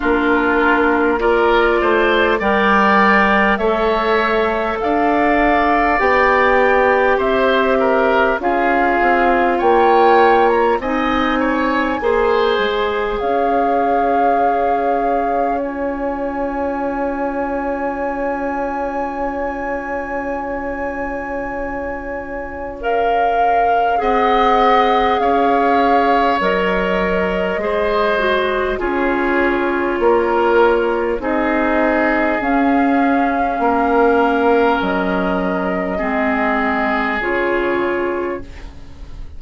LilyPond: <<
  \new Staff \with { instrumentName = "flute" } { \time 4/4 \tempo 4 = 50 ais'4 d''4 g''4 e''4 | f''4 g''4 e''4 f''4 | g''8. ais''16 gis''2 f''4~ | f''4 gis''2.~ |
gis''2. f''4 | fis''4 f''4 dis''2 | cis''2 dis''4 f''4~ | f''4 dis''2 cis''4 | }
  \new Staff \with { instrumentName = "oboe" } { \time 4/4 f'4 ais'8 c''8 d''4 cis''4 | d''2 c''8 ais'8 gis'4 | cis''4 dis''8 cis''8 c''4 cis''4~ | cis''1~ |
cis''1 | dis''4 cis''2 c''4 | gis'4 ais'4 gis'2 | ais'2 gis'2 | }
  \new Staff \with { instrumentName = "clarinet" } { \time 4/4 d'4 f'4 ais'4 a'4~ | a'4 g'2 f'4~ | f'4 dis'4 gis'2~ | gis'4 f'2.~ |
f'2. ais'4 | gis'2 ais'4 gis'8 fis'8 | f'2 dis'4 cis'4~ | cis'2 c'4 f'4 | }
  \new Staff \with { instrumentName = "bassoon" } { \time 4/4 ais4. a8 g4 a4 | d'4 b4 c'4 cis'8 c'8 | ais4 c'4 ais8 gis8 cis'4~ | cis'1~ |
cis'1 | c'4 cis'4 fis4 gis4 | cis'4 ais4 c'4 cis'4 | ais4 fis4 gis4 cis4 | }
>>